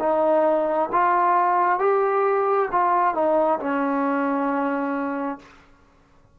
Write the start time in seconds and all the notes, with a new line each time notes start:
0.00 D#4
0.92 F4
1.80 G4
2.72 F4
3.15 D#4
3.60 C#4